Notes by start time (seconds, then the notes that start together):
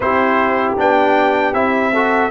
0.00 C4 E4 G4 C5
0.77 B3 D4 G5
1.53 C4 E4 E5
1.93 F#4 A4